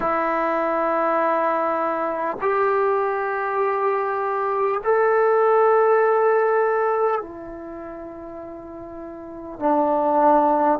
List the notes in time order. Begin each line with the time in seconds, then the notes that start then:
0.00 E4
2.41 G4
4.83 A4
7.21 E4
9.59 D4